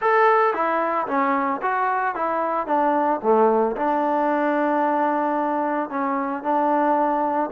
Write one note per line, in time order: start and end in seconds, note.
0.01 0.53 A4
0.53 1.07 E4
1.07 1.60 C#4
1.62 2.15 F#4
2.15 2.66 E4
2.66 3.20 D4
3.22 3.76 A3
3.76 5.89 D4
5.89 6.43 C#4
6.43 7.50 D4